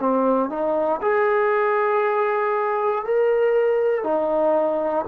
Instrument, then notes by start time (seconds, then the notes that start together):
trombone
0.00 C4
0.50 D#4
1.02 G#4
3.05 A#4
4.04 D#4